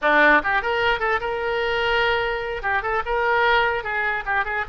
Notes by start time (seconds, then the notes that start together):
0.01 D4
0.43 G4
0.62 A#4
0.99 A4
1.20 A#4
2.62 G4
2.82 A4
3.05 A#4
3.83 G#4
4.25 G4
4.44 G#4